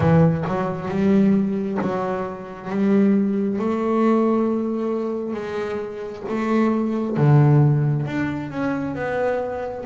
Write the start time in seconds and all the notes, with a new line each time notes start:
0.00 E3
0.47 F#3
0.88 G3
1.81 F#3
2.69 G3
3.59 A3
5.33 G#3
6.28 A3
7.16 D3
8.06 D4
8.50 C#4
8.94 B3